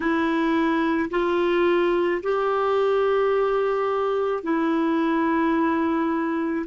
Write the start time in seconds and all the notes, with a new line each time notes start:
0.00 E4
1.10 F4
2.22 G4
4.43 E4